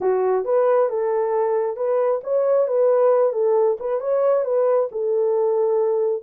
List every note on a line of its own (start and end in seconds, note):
0.00 0.44 F#4
0.44 0.89 B4
0.89 1.76 A4
1.76 2.20 B4
2.23 2.67 C#5
2.67 3.33 B4
3.33 3.77 A4
3.79 4.00 B4
4.00 4.44 C#5
4.44 4.89 B4
4.91 6.22 A4